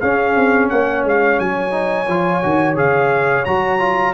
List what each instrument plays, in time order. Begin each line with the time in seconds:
0.00 tuba C#4, trombone C#4, horn G#4, trumpet F5
0.36 tuba C4
0.69 tuba A#3, horn C#5, trumpet F#5
1.04 tuba G#3, trumpet F5
1.39 tuba F#3, trumpet G#5
1.71 trombone D#4
2.07 tuba F3, trombone F4
2.43 tuba D#3, trombone F#4
2.76 tuba C#3, trombone G#4, trumpet F5
3.45 tuba F#3, trombone F#4, trumpet A#5
3.79 trombone F4